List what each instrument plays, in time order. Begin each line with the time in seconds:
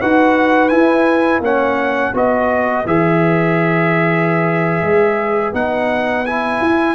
0.00 tuba D#4, trombone F#4, horn B4, trumpet F#5
0.68 trombone E4, tuba E4, trumpet G#5
1.40 tuba A#3, trombone C#4, horn C#5, trumpet F#5
2.13 tuba B3, trombone F#4, horn B4, trumpet D#5
2.85 tuba E3, trombone G#4, trumpet E5
4.81 tuba G#3
5.53 tuba B3, trombone D#4, trumpet F#5
6.25 trombone E4, trumpet G#5
6.61 tuba E4